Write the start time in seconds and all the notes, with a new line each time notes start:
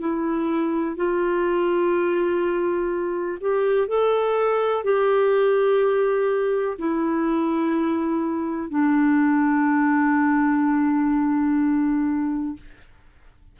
0.00 E4
0.96 F4
3.40 G4
3.88 A4
4.84 G4
6.78 E4
8.70 D4